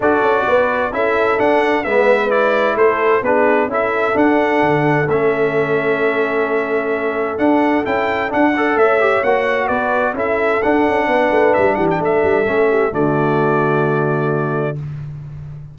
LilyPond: <<
  \new Staff \with { instrumentName = "trumpet" } { \time 4/4 \tempo 4 = 130 d''2 e''4 fis''4 | e''4 d''4 c''4 b'4 | e''4 fis''2 e''4~ | e''1 |
fis''4 g''4 fis''4 e''4 | fis''4 d''4 e''4 fis''4~ | fis''4 e''8 fis''16 g''16 e''2 | d''1 | }
  \new Staff \with { instrumentName = "horn" } { \time 4/4 a'4 b'4 a'2 | b'2 a'4 gis'4 | a'1~ | a'1~ |
a'2~ a'8 d''8 cis''4~ | cis''4 b'4 a'2 | b'4. g'8 a'4. g'8 | fis'1 | }
  \new Staff \with { instrumentName = "trombone" } { \time 4/4 fis'2 e'4 d'4 | b4 e'2 d'4 | e'4 d'2 cis'4~ | cis'1 |
d'4 e'4 d'8 a'4 g'8 | fis'2 e'4 d'4~ | d'2. cis'4 | a1 | }
  \new Staff \with { instrumentName = "tuba" } { \time 4/4 d'8 cis'8 b4 cis'4 d'4 | gis2 a4 b4 | cis'4 d'4 d4 a4~ | a1 |
d'4 cis'4 d'4 a4 | ais4 b4 cis'4 d'8 cis'8 | b8 a8 g8 e8 a8 g8 a4 | d1 | }
>>